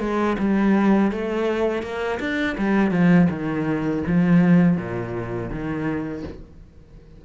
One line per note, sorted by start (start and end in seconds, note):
0.00 0.37 G#3
0.39 1.11 G3
1.11 1.83 A3
1.83 2.19 A#3
2.20 2.56 D4
2.58 2.91 G3
2.91 3.28 F3
3.30 4.03 D#3
4.07 4.77 F3
4.77 5.50 A#2
5.50 6.24 D#3